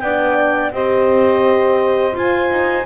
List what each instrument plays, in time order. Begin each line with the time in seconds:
0.00 double bass B3, horn D4, saxophone D5, clarinet G5
0.72 double bass C4, horn G4, saxophone C5, clarinet D#5
2.13 horn F4, double bass F4, clarinet G#5
2.51 double bass D#4